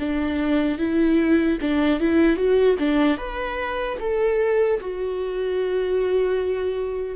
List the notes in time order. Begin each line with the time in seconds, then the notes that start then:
0.00 D4
0.79 E4
1.62 D4
2.01 E4
2.37 F#4
2.79 D4
3.18 B4
4.01 A4
4.81 F#4